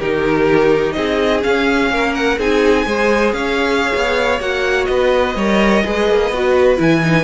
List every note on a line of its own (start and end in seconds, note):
0.00 0.96 D#3
0.00 1.42 D#4
0.00 0.95 G4
0.00 0.93 A#4
0.93 1.44 C4
0.93 1.92 G#4
0.93 1.40 D#5
1.42 2.37 C#4
1.42 1.90 C#4
1.42 2.15 F5
1.90 2.38 A#3
1.90 2.39 A#4
2.15 2.38 F#5
2.38 2.86 C4
2.38 2.86 D#4
2.38 2.86 G#4
2.38 3.33 G#5
2.86 3.33 G#3
2.86 4.40 G#4
2.86 3.35 C5
3.33 3.92 C#4
3.33 4.91 C#5
3.33 4.40 F5
3.95 4.40 B3
4.40 4.87 A#3
4.40 5.36 F#4
4.40 4.85 F#5
4.85 5.36 B3
4.85 5.36 B4
4.85 6.76 D#5
5.36 5.83 G3
5.36 5.84 A#4
5.36 5.84 C#5
5.84 6.10 G#3
5.84 6.32 G#4
5.84 7.24 B4
6.10 6.31 A#3
6.31 6.78 B3
6.31 6.77 F#4
6.77 7.24 E3
6.77 7.01 E4
6.77 7.24 G#5
7.04 7.24 D#4